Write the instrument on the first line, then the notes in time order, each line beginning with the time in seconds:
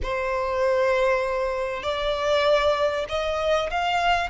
violin
0.02 C5
1.82 D5
3.08 D#5
3.70 F5